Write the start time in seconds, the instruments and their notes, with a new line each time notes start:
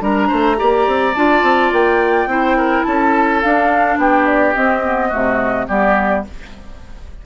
0.00 bassoon G3, clarinet D4, oboe A#4, flute A#5
0.27 bassoon A3, oboe C5
0.56 bassoon A#3, clarinet G4, oboe D5
0.87 bassoon C4
1.15 bassoon D4, clarinet F4, flute A5
1.42 bassoon C4
1.72 bassoon A#3, flute G5
2.26 bassoon C4, clarinet E4, oboe C5
2.57 oboe A#4
2.83 bassoon C#4, oboe A4, flute A5
3.42 bassoon D4, clarinet D4, flute F5
3.97 bassoon B3, oboe G4, flute G5
4.26 flute D5
4.54 clarinet C4, bassoon C4, flute D#5
4.83 clarinet B3
5.09 bassoon C3, clarinet A3, oboe F#4
5.68 bassoon G3, clarinet B3, oboe G4, flute D5